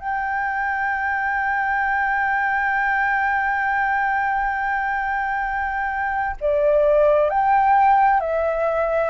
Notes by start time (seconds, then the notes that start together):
0.00 G5
6.41 D5
7.30 G5
8.20 E5